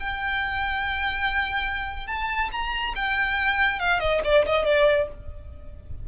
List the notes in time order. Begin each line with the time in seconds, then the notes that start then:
0.00 G5
2.07 A5
2.52 A#5
2.96 G5
3.80 F5
4.00 D#5
4.25 D5
4.46 D#5
4.66 D5